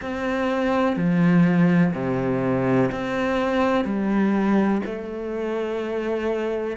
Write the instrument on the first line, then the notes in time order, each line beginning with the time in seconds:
cello
0.01 C4
0.96 F3
1.93 C3
2.91 C4
3.84 G3
4.85 A3